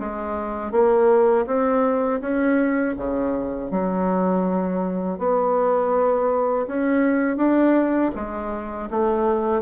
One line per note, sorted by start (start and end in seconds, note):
0.00 0.72 G#3
0.72 1.46 A#3
1.47 2.21 C4
2.21 2.95 C#4
2.98 3.71 C#3
3.71 5.19 F#3
5.19 6.67 B3
6.68 7.37 C#4
7.37 8.11 D4
8.16 8.90 G#3
8.91 9.63 A3